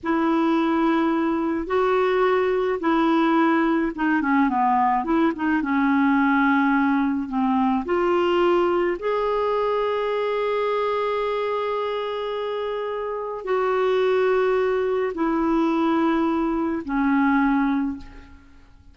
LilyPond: \new Staff \with { instrumentName = "clarinet" } { \time 4/4 \tempo 4 = 107 e'2. fis'4~ | fis'4 e'2 dis'8 cis'8 | b4 e'8 dis'8 cis'2~ | cis'4 c'4 f'2 |
gis'1~ | gis'1 | fis'2. e'4~ | e'2 cis'2 | }